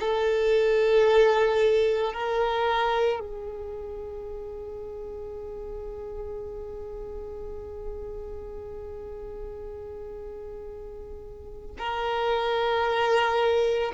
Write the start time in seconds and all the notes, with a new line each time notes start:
0.00 A4
2.14 A#4
3.19 G#4
11.78 A#4